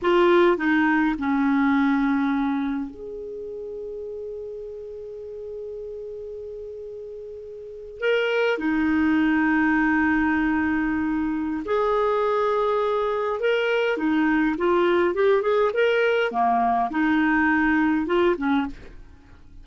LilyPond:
\new Staff \with { instrumentName = "clarinet" } { \time 4/4 \tempo 4 = 103 f'4 dis'4 cis'2~ | cis'4 gis'2.~ | gis'1~ | gis'4.~ gis'16 ais'4 dis'4~ dis'16~ |
dis'1 | gis'2. ais'4 | dis'4 f'4 g'8 gis'8 ais'4 | ais4 dis'2 f'8 cis'8 | }